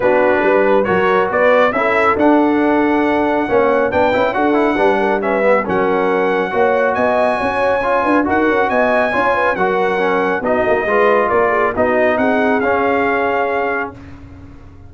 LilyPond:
<<
  \new Staff \with { instrumentName = "trumpet" } { \time 4/4 \tempo 4 = 138 b'2 cis''4 d''4 | e''4 fis''2.~ | fis''4 g''4 fis''2 | e''4 fis''2. |
gis''2. fis''4 | gis''2 fis''2 | dis''2 d''4 dis''4 | fis''4 f''2. | }
  \new Staff \with { instrumentName = "horn" } { \time 4/4 fis'4 b'4 ais'4 b'4 | a'1 | cis''4 b'4 a'4 b'8 ais'8 | b'4 ais'2 cis''4 |
dis''4 cis''4. b'8 ais'4 | dis''4 cis''8 b'8 ais'2 | fis'4 b'4 ais'8 gis'8 fis'4 | gis'1 | }
  \new Staff \with { instrumentName = "trombone" } { \time 4/4 d'2 fis'2 | e'4 d'2. | cis'4 d'8 e'8 fis'8 e'8 d'4 | cis'8 b8 cis'2 fis'4~ |
fis'2 f'4 fis'4~ | fis'4 f'4 fis'4 cis'4 | dis'4 f'2 dis'4~ | dis'4 cis'2. | }
  \new Staff \with { instrumentName = "tuba" } { \time 4/4 b4 g4 fis4 b4 | cis'4 d'2. | ais4 b8 cis'8 d'4 g4~ | g4 fis2 ais4 |
b4 cis'4. d'8 dis'8 cis'8 | b4 cis'4 fis2 | b8 ais8 gis4 ais4 b4 | c'4 cis'2. | }
>>